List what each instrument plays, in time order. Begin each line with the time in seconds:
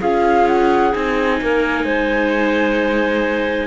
0.00 cello C#4, viola F4, clarinet G#4, flute F5
0.48 flute F#5
0.92 cello C4, viola D#4, flute G#5
1.41 cello A#3, clarinet A#4
1.84 cello G#3, clarinet C5